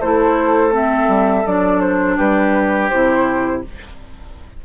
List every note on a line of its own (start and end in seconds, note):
0.00 1.08 A3
0.00 0.72 E4
0.00 2.17 A4
0.00 0.74 C5
0.72 1.44 C4
0.72 1.47 E5
1.08 1.45 G3
1.47 2.19 F#3
1.47 2.92 D4
1.47 1.81 D5
1.81 2.17 C5
2.17 2.92 G3
2.17 3.62 G4
2.17 2.90 B4
2.90 3.65 C3
2.90 3.64 E4
2.90 3.62 C5